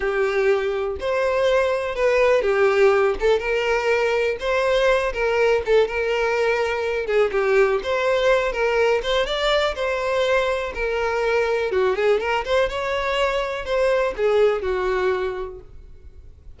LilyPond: \new Staff \with { instrumentName = "violin" } { \time 4/4 \tempo 4 = 123 g'2 c''2 | b'4 g'4. a'8 ais'4~ | ais'4 c''4. ais'4 a'8 | ais'2~ ais'8 gis'8 g'4 |
c''4. ais'4 c''8 d''4 | c''2 ais'2 | fis'8 gis'8 ais'8 c''8 cis''2 | c''4 gis'4 fis'2 | }